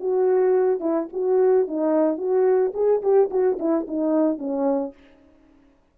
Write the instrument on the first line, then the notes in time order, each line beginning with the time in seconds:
horn
0.00 F#4
0.80 E4
1.13 F#4
1.67 D#4
2.17 F#4
2.74 G#4
3.02 G4
3.31 F#4
3.59 E4
3.88 D#4
4.39 C#4